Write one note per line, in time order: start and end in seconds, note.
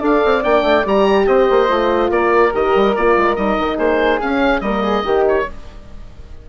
0.00 0.22 D4
0.00 0.43 A4
0.00 1.26 D5
0.00 0.44 F5
0.26 0.45 C4
0.44 0.63 A#3
0.44 0.85 D4
0.44 0.86 G5
0.63 0.84 A3
0.85 1.28 G3
0.85 1.68 G4
0.85 1.27 A#5
1.27 1.49 C4
1.27 2.10 C5
1.27 2.11 D#5
1.51 1.70 A#3
1.68 2.10 A3
1.68 2.52 F4
2.10 2.52 A#3
2.10 3.77 A#4
2.10 2.54 D5
2.53 2.76 D#3
2.53 2.95 G4
2.53 2.96 D#5
2.76 2.97 G3
2.96 3.17 A#3
2.96 3.37 F4
2.96 3.36 D5
3.17 3.38 G#3
3.36 3.59 G3
3.36 4.20 D#4
3.36 3.78 D#5
3.59 3.78 D#3
3.77 4.20 A#3
3.77 4.61 G#4
3.77 4.21 C5
4.20 4.62 C#4
4.20 4.61 C#4
4.20 4.61 F5
4.61 5.03 G3
4.61 5.05 A#3
4.61 4.83 A#4
4.61 5.24 D#5
4.83 5.04 G#4
5.05 5.47 D#3
5.05 5.47 D#4
5.05 5.47 G4
5.29 5.50 C#5